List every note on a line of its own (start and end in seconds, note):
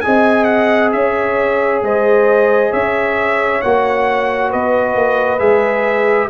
0.00 0.93 C4
0.00 3.61 G#4
0.00 0.95 D#5
0.00 0.44 G#5
0.44 0.89 F#5
0.92 1.82 C#4
0.92 1.84 C#5
0.92 1.81 E5
1.82 2.71 G#3
1.82 2.70 C5
1.82 2.72 D#5
2.70 3.62 C#4
2.70 4.49 C#5
2.70 3.61 E5
3.61 4.53 A#3
3.61 5.39 F#4
3.61 4.51 F#5
4.49 4.95 B3
4.49 6.28 B4
4.49 5.39 D#5
4.95 5.39 A#3
5.39 6.29 G#3
5.39 6.28 G#4
5.39 6.28 E5